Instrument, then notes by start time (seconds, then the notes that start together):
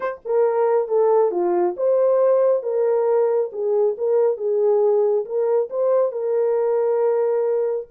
horn
0.00 C5
0.25 A#4
0.88 A4
1.31 F4
1.76 C5
2.62 A#4
3.52 G#4
3.97 A#4
4.37 G#4
5.25 A#4
5.69 C5
6.12 A#4